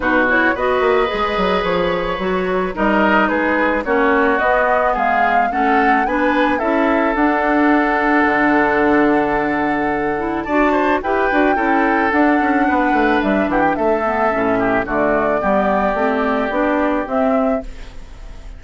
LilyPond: <<
  \new Staff \with { instrumentName = "flute" } { \time 4/4 \tempo 4 = 109 b'8 cis''8 dis''2 cis''4~ | cis''4 dis''4 b'4 cis''4 | dis''4 f''4 fis''4 gis''4 | e''4 fis''2.~ |
fis''2. a''4 | g''2 fis''2 | e''8 fis''16 g''16 e''2 d''4~ | d''2. e''4 | }
  \new Staff \with { instrumentName = "oboe" } { \time 4/4 fis'4 b'2.~ | b'4 ais'4 gis'4 fis'4~ | fis'4 gis'4 a'4 b'4 | a'1~ |
a'2. d''8 c''8 | b'4 a'2 b'4~ | b'8 g'8 a'4. g'8 fis'4 | g'1 | }
  \new Staff \with { instrumentName = "clarinet" } { \time 4/4 dis'8 e'8 fis'4 gis'2 | fis'4 dis'2 cis'4 | b2 cis'4 d'4 | e'4 d'2.~ |
d'2~ d'8 e'8 fis'4 | g'8 fis'8 e'4 d'2~ | d'4. b8 cis'4 a4 | b4 c'4 d'4 c'4 | }
  \new Staff \with { instrumentName = "bassoon" } { \time 4/4 b,4 b8 ais8 gis8 fis8 f4 | fis4 g4 gis4 ais4 | b4 gis4 a4 b4 | cis'4 d'2 d4~ |
d2. d'4 | e'8 d'8 cis'4 d'8 cis'8 b8 a8 | g8 e8 a4 a,4 d4 | g4 a4 b4 c'4 | }
>>